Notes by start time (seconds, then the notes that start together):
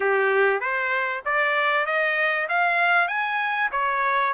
0.00 G4
0.60 C5
1.25 D5
1.86 D#5
2.49 F5
3.08 G#5
3.71 C#5